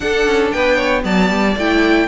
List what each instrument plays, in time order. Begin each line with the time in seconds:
0.00 viola D4, cello D4, violin A4 F#5
0.26 cello C#4
0.51 cello B3, violin B4 G5
0.75 violin C#5
1.02 cello F#3, viola B3, violin D5 A5
1.29 cello G3
1.57 cello A3, viola E4, violin G5